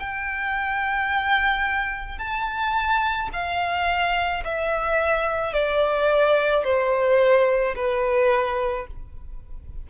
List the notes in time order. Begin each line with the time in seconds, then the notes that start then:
0.00 G5
2.19 A5
3.33 F5
4.44 E5
5.54 D5
6.64 C5
7.76 B4